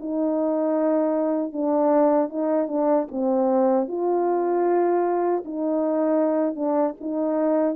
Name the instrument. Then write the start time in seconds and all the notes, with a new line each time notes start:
horn
0.00 D#4
1.53 D4
2.30 D#4
2.68 D4
3.12 C4
3.88 F4
5.45 D#4
6.56 D4
7.01 D#4